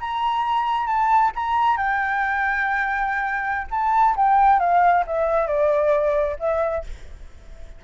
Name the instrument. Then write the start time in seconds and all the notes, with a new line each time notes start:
flute
0.00 A#5
0.86 A5
1.35 A#5
1.77 G5
3.70 A5
4.16 G5
4.59 F5
5.06 E5
5.47 D5
6.39 E5